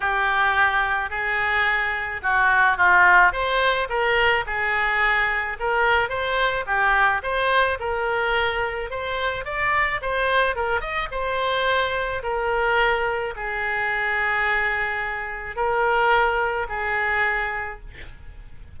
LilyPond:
\new Staff \with { instrumentName = "oboe" } { \time 4/4 \tempo 4 = 108 g'2 gis'2 | fis'4 f'4 c''4 ais'4 | gis'2 ais'4 c''4 | g'4 c''4 ais'2 |
c''4 d''4 c''4 ais'8 dis''8 | c''2 ais'2 | gis'1 | ais'2 gis'2 | }